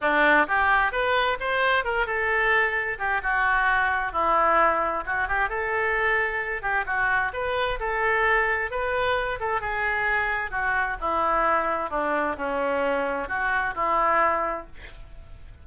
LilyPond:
\new Staff \with { instrumentName = "oboe" } { \time 4/4 \tempo 4 = 131 d'4 g'4 b'4 c''4 | ais'8 a'2 g'8 fis'4~ | fis'4 e'2 fis'8 g'8 | a'2~ a'8 g'8 fis'4 |
b'4 a'2 b'4~ | b'8 a'8 gis'2 fis'4 | e'2 d'4 cis'4~ | cis'4 fis'4 e'2 | }